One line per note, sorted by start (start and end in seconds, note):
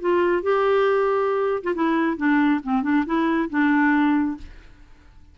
0.00 0.43 F4
0.43 1.63 G4
1.63 1.74 F4
1.75 2.17 E4
2.17 2.61 D4
2.63 2.83 C4
2.83 3.05 D4
3.06 3.49 E4
3.50 4.38 D4